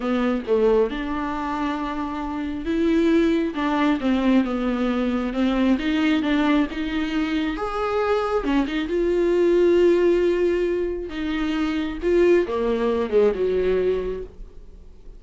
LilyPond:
\new Staff \with { instrumentName = "viola" } { \time 4/4 \tempo 4 = 135 b4 a4 d'2~ | d'2 e'2 | d'4 c'4 b2 | c'4 dis'4 d'4 dis'4~ |
dis'4 gis'2 cis'8 dis'8 | f'1~ | f'4 dis'2 f'4 | ais4. gis8 fis2 | }